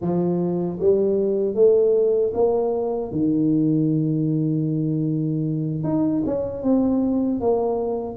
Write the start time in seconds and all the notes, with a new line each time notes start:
0.01 F3
0.79 G3
1.54 A3
2.34 A#3
3.11 D#3
5.83 D#4
6.26 C#4
6.62 C4
7.40 A#3